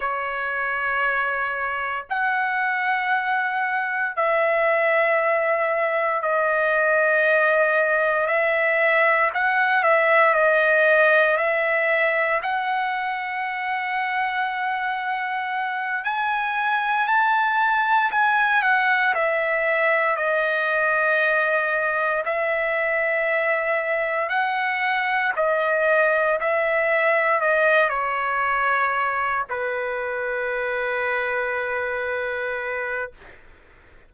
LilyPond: \new Staff \with { instrumentName = "trumpet" } { \time 4/4 \tempo 4 = 58 cis''2 fis''2 | e''2 dis''2 | e''4 fis''8 e''8 dis''4 e''4 | fis''2.~ fis''8 gis''8~ |
gis''8 a''4 gis''8 fis''8 e''4 dis''8~ | dis''4. e''2 fis''8~ | fis''8 dis''4 e''4 dis''8 cis''4~ | cis''8 b'2.~ b'8 | }